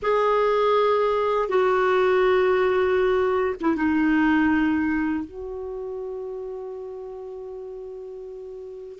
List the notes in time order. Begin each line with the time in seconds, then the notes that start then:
0.02 G#4
1.48 F#4
3.60 E4
3.76 D#4
5.25 F#4